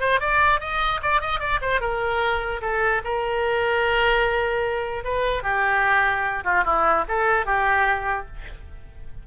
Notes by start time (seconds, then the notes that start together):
0.00 C5
0.20 D5
0.60 D#5
1.02 D5
1.21 D#5
1.39 D5
1.61 C5
1.80 A#4
2.61 A4
3.04 A#4
5.04 B4
5.43 G4
6.44 F4
6.64 E4
7.08 A4
7.46 G4